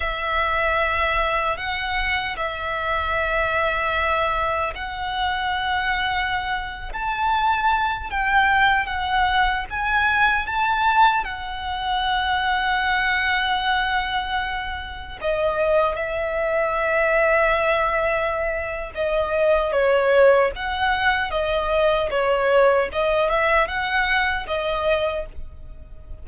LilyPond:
\new Staff \with { instrumentName = "violin" } { \time 4/4 \tempo 4 = 76 e''2 fis''4 e''4~ | e''2 fis''2~ | fis''8. a''4. g''4 fis''8.~ | fis''16 gis''4 a''4 fis''4.~ fis''16~ |
fis''2.~ fis''16 dis''8.~ | dis''16 e''2.~ e''8. | dis''4 cis''4 fis''4 dis''4 | cis''4 dis''8 e''8 fis''4 dis''4 | }